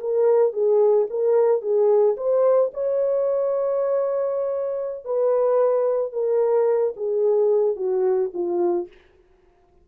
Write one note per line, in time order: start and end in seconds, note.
0.00 0.53 A#4
0.53 1.07 G#4
1.10 1.61 A#4
1.61 2.16 G#4
2.16 2.71 C5
2.73 5.05 C#5
5.05 6.12 B4
6.12 6.94 A#4
6.96 7.76 G#4
7.76 8.30 F#4
8.33 8.88 F4